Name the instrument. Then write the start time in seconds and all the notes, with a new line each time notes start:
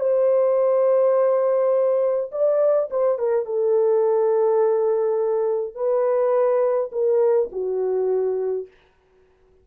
horn
0.00 C5
2.32 D5
2.91 C5
3.18 A#4
3.46 A4
5.75 B4
6.92 A#4
7.52 F#4